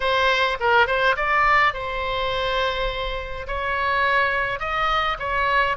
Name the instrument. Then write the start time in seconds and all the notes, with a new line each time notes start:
oboe
0.00 C5
0.60 A#4
0.87 C5
1.16 D5
1.73 C5
3.47 C#5
4.59 D#5
5.19 C#5